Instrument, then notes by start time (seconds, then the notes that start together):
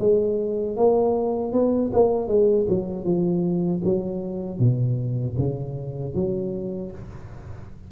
tuba
0.00 G#3
0.77 A#3
1.53 B3
1.93 A#3
2.28 G#3
2.69 F#3
3.05 F3
3.84 F#3
4.59 B2
5.38 C#3
6.15 F#3